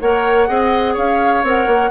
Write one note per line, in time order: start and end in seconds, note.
0.00 0.49 A#3
0.00 0.47 A#4
0.00 0.48 C#5
0.00 0.96 F#5
0.47 0.97 C4
0.47 1.43 G#4
0.47 0.93 D#5
0.93 1.43 C#4
0.93 1.89 C#5
0.93 1.45 F5
1.43 1.67 C4
1.43 1.91 A#4
1.43 1.91 F#5
1.67 1.91 A#3